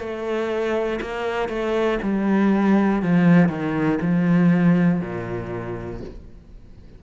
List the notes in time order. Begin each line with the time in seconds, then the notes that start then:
0.00 A3
1.01 A#3
1.49 A3
2.02 G3
3.03 F3
3.49 D#3
4.01 F3
5.00 A#2